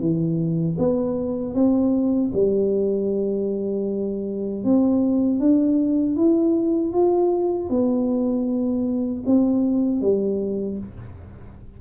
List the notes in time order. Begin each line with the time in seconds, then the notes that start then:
0.00 E3
0.78 B3
1.55 C4
2.34 G3
4.64 C4
5.40 D4
6.16 E4
6.93 F4
7.70 B3
9.26 C4
10.01 G3